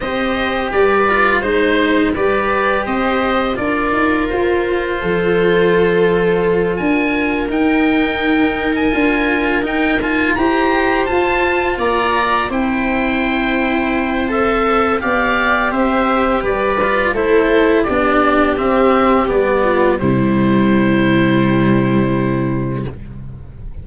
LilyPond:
<<
  \new Staff \with { instrumentName = "oboe" } { \time 4/4 \tempo 4 = 84 dis''4 d''4 c''4 d''4 | dis''4 d''4 c''2~ | c''4. gis''4 g''4.~ | g''16 gis''4~ gis''16 g''8 gis''8 ais''4 a''8~ |
a''8 ais''4 g''2~ g''8 | e''4 f''4 e''4 d''4 | c''4 d''4 e''4 d''4 | c''1 | }
  \new Staff \with { instrumentName = "viola" } { \time 4/4 c''4 b'4 c''4 b'4 | c''4 ais'2 a'4~ | a'4. ais'2~ ais'8~ | ais'2~ ais'8 c''4.~ |
c''8 d''4 c''2~ c''8~ | c''4 d''4 c''4 b'4 | a'4 g'2~ g'8 f'8 | e'1 | }
  \new Staff \with { instrumentName = "cello" } { \time 4/4 g'4. f'8 dis'4 g'4~ | g'4 f'2.~ | f'2~ f'8 dis'4.~ | dis'8 f'4 dis'8 f'8 g'4 f'8~ |
f'4. e'2~ e'8 | a'4 g'2~ g'8 f'8 | e'4 d'4 c'4 b4 | g1 | }
  \new Staff \with { instrumentName = "tuba" } { \time 4/4 c'4 g4 gis4 g4 | c'4 d'8 dis'8 f'4 f4~ | f4. d'4 dis'4.~ | dis'8 d'4 dis'4 e'4 f'8~ |
f'8 ais4 c'2~ c'8~ | c'4 b4 c'4 g4 | a4 b4 c'4 g4 | c1 | }
>>